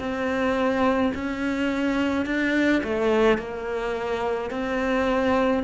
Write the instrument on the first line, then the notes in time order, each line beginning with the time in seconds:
cello
0.00 C4
1.15 C#4
2.26 D4
2.84 A3
3.39 A#3
4.51 C4